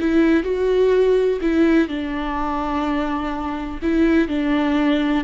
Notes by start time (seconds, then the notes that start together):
0.00 E4
0.43 F#4
1.42 E4
1.88 D4
3.82 E4
4.28 D4